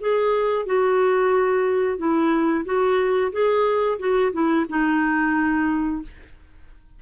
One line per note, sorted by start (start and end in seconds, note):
0.00 0.65 G#4
0.65 1.98 F#4
1.98 2.64 E4
2.65 3.32 F#4
3.32 3.98 G#4
3.99 4.32 F#4
4.32 4.65 E4
4.68 6.02 D#4